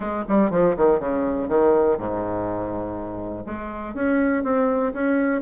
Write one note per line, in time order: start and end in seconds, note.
0.00 0.24 G#3
0.28 0.50 G3
0.50 0.75 F3
0.76 0.99 D#3
0.99 1.48 C#3
1.48 1.97 D#3
1.97 3.45 G#2
3.46 3.94 G#3
3.94 4.43 C#4
4.43 4.92 C4
4.93 5.41 C#4